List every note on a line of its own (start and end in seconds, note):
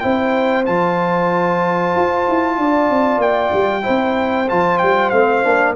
0.00 0.68 C4
0.00 0.66 E4
0.00 2.59 C5
0.00 0.64 G5
0.66 1.96 F3
0.66 3.82 F4
0.66 3.21 A5
1.96 2.28 F4
2.29 2.58 E4
2.58 2.90 D4
2.58 3.84 D5
2.90 3.18 C4
3.18 3.50 A#3
3.18 4.49 G5
3.54 3.86 G3
3.82 4.46 E4
3.82 5.76 C5
3.89 4.52 C4
4.49 4.83 F3
4.49 5.13 F4
4.49 4.79 A5
4.79 5.12 G3
4.79 5.10 G5
5.10 5.44 A3
5.10 5.44 C4
5.10 5.74 F5
5.44 5.77 A#3
5.44 5.76 D4